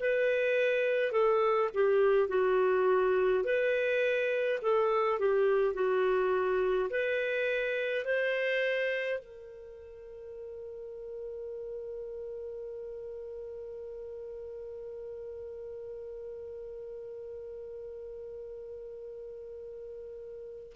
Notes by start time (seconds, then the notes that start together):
0.00 B4
1.12 A4
1.74 G4
2.28 F#4
3.44 B4
4.62 A4
5.19 G4
5.74 F#4
6.90 B4
8.05 C5
9.19 A#4